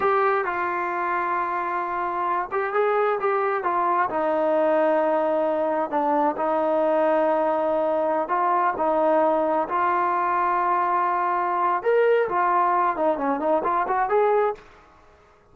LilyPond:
\new Staff \with { instrumentName = "trombone" } { \time 4/4 \tempo 4 = 132 g'4 f'2.~ | f'4. g'8 gis'4 g'4 | f'4 dis'2.~ | dis'4 d'4 dis'2~ |
dis'2~ dis'16 f'4 dis'8.~ | dis'4~ dis'16 f'2~ f'8.~ | f'2 ais'4 f'4~ | f'8 dis'8 cis'8 dis'8 f'8 fis'8 gis'4 | }